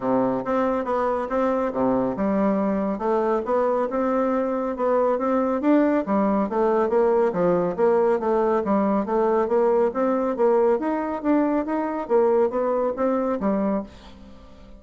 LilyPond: \new Staff \with { instrumentName = "bassoon" } { \time 4/4 \tempo 4 = 139 c4 c'4 b4 c'4 | c4 g2 a4 | b4 c'2 b4 | c'4 d'4 g4 a4 |
ais4 f4 ais4 a4 | g4 a4 ais4 c'4 | ais4 dis'4 d'4 dis'4 | ais4 b4 c'4 g4 | }